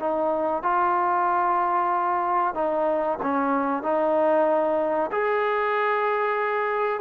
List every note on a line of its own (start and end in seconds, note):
0.00 0.63 D#4
0.63 2.55 F4
2.55 3.19 D#4
3.23 3.83 C#4
3.83 5.11 D#4
5.12 7.01 G#4